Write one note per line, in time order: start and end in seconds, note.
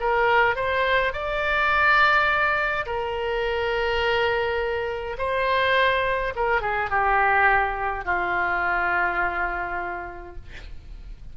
0.00 0.56 A#4
0.56 1.13 C5
1.13 2.86 D5
2.86 5.17 A#4
5.18 6.34 C5
6.36 6.61 A#4
6.61 6.90 G#4
6.90 8.05 G4
8.05 10.36 F4